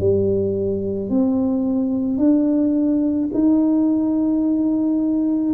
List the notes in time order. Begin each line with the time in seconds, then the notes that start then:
0.00 G3
1.10 C4
2.18 D4
3.34 D#4